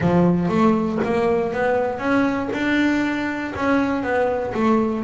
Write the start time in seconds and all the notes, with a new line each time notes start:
0.00 F3
0.48 A3
1.03 A#3
1.52 B3
1.98 C#4
2.52 D4
3.55 C#4
4.02 B3
4.54 A3